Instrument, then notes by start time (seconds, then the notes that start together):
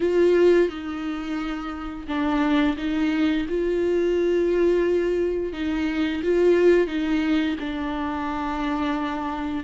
viola
0.00 F4
0.69 D#4
2.07 D4
2.77 D#4
3.48 F4
5.53 D#4
6.23 F4
6.87 D#4
7.59 D4